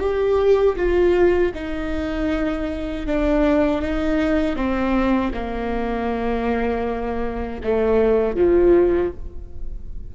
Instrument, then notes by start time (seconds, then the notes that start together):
viola
0.00 G4
0.76 F4
1.55 D#4
3.07 D4
3.82 D#4
4.56 C4
5.34 A#3
7.64 A3
8.36 F3